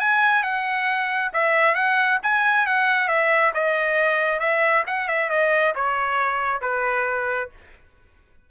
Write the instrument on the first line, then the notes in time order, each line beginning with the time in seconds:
trumpet
0.00 G#5
0.43 F#5
1.33 E5
1.74 F#5
2.23 G#5
2.66 F#5
3.08 E5
3.54 D#5
4.39 E5
4.87 F#5
5.08 E5
5.29 D#5
5.75 C#5
6.61 B4